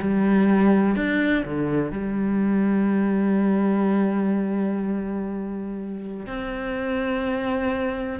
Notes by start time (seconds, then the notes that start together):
0.00 G3
0.96 D4
1.45 D3
1.92 G3
6.27 C4